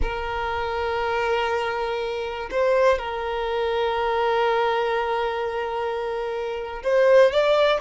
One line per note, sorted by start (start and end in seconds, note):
0.01 2.49 A#4
2.50 2.98 C5
2.98 6.82 A#4
6.83 7.31 C5
7.31 7.80 D5